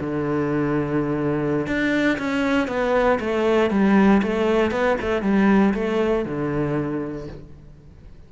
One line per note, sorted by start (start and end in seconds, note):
0.00 1.66 D3
1.66 2.18 D4
2.18 2.67 C#4
2.67 3.19 B3
3.20 3.70 A3
3.70 4.21 G3
4.22 4.71 A3
4.71 4.97 B3
5.01 5.22 A3
5.22 5.73 G3
5.74 6.25 A3
6.25 7.27 D3